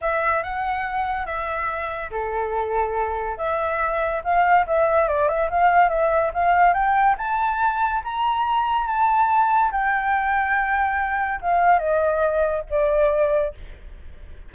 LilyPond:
\new Staff \with { instrumentName = "flute" } { \time 4/4 \tempo 4 = 142 e''4 fis''2 e''4~ | e''4 a'2. | e''2 f''4 e''4 | d''8 e''8 f''4 e''4 f''4 |
g''4 a''2 ais''4~ | ais''4 a''2 g''4~ | g''2. f''4 | dis''2 d''2 | }